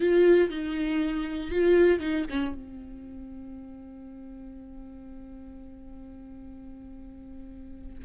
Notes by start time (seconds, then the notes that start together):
0.00 F4
0.50 D#4
1.50 F4
1.99 D#4
2.30 C#4
2.54 C4